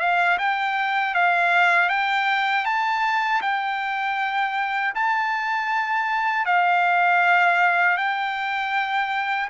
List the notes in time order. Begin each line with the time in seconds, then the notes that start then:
0.00 F5
0.39 G5
1.15 F5
1.90 G5
2.65 A5
3.42 G5
4.95 A5
6.46 F5
7.97 G5